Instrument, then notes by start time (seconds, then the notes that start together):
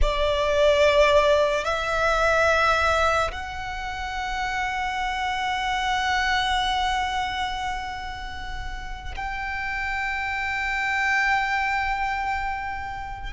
violin
0.01 D5
1.64 E5
3.31 F#5
9.16 G5